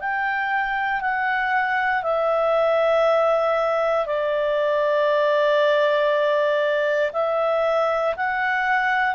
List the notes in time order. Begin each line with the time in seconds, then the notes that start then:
0.00 G5
1.01 F#5
2.02 E5
4.06 D5
7.13 E5
8.16 F#5